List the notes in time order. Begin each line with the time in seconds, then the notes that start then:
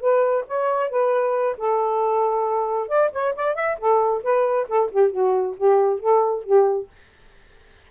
0.00 B4
0.47 C#5
0.90 B4
1.57 A4
2.88 D5
3.12 C#5
3.35 D5
3.55 E5
3.78 A4
4.23 B4
4.68 A4
4.91 G4
5.11 F#4
5.57 G4
5.99 A4
6.43 G4